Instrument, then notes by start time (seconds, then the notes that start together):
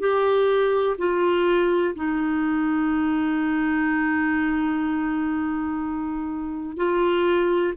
clarinet
0.00 G4
0.98 F4
1.95 D#4
6.77 F4